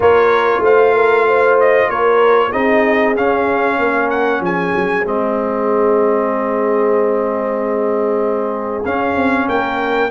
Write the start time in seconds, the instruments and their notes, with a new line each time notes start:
0.00 tuba A#3, trombone F4, horn A#4, trumpet C#5
0.59 tuba A3, horn C5, trumpet F5
0.94 horn A#4
1.27 horn C5
1.60 trumpet D#5
1.89 tuba A#3, horn A#4, trumpet C#5
2.49 tuba C4, trombone D#4, horn G#4, trumpet D#5
3.15 tuba C#4, trombone C#4, trumpet F5
3.78 tuba A#3, horn A#4
4.10 trumpet F#5
4.40 tuba F3, horn G#4, trumpet G#5
4.75 tuba F#3
5.04 tuba G#3, trombone C4, trumpet D#5
8.85 trombone C#4, tuba C#4, trumpet F5
9.15 tuba C4
9.48 tuba A#3, horn A#4, trumpet G5